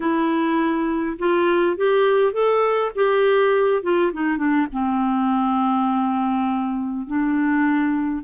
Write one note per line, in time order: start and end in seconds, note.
0.00 1.17 E4
1.18 1.76 F4
1.76 2.32 G4
2.32 2.91 A4
2.95 3.82 G4
3.82 4.12 F4
4.12 4.37 D#4
4.37 4.66 D4
4.72 7.06 C4
7.06 8.24 D4